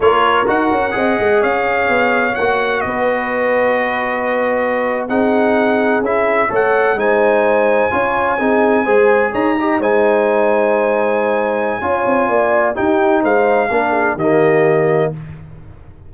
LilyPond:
<<
  \new Staff \with { instrumentName = "trumpet" } { \time 4/4 \tempo 4 = 127 cis''4 fis''2 f''4~ | f''4 fis''4 dis''2~ | dis''2~ dis''8. fis''4~ fis''16~ | fis''8. e''4 fis''4 gis''4~ gis''16~ |
gis''2.~ gis''8. ais''16~ | ais''8. gis''2.~ gis''16~ | gis''2. g''4 | f''2 dis''2 | }
  \new Staff \with { instrumentName = "horn" } { \time 4/4 ais'2 dis''4 cis''4~ | cis''2 b'2~ | b'2~ b'8. gis'4~ gis'16~ | gis'4.~ gis'16 cis''4 c''4~ c''16~ |
c''8. cis''4 gis'4 c''4 cis''16~ | cis''16 dis''8 c''2.~ c''16~ | c''4 cis''4 d''4 g'4 | c''4 ais'8 gis'8 g'2 | }
  \new Staff \with { instrumentName = "trombone" } { \time 4/4 f'4 fis'4 gis'2~ | gis'4 fis'2.~ | fis'2~ fis'8. dis'4~ dis'16~ | dis'8. e'4 a'4 dis'4~ dis'16~ |
dis'8. f'4 dis'4 gis'4~ gis'16~ | gis'16 g'8 dis'2.~ dis'16~ | dis'4 f'2 dis'4~ | dis'4 d'4 ais2 | }
  \new Staff \with { instrumentName = "tuba" } { \time 4/4 ais4 dis'8 cis'8 c'8 gis8 cis'4 | b4 ais4 b2~ | b2~ b8. c'4~ c'16~ | c'8. cis'4 a4 gis4~ gis16~ |
gis8. cis'4 c'4 gis4 dis'16~ | dis'8. gis2.~ gis16~ | gis4 cis'8 c'8 ais4 dis'4 | gis4 ais4 dis2 | }
>>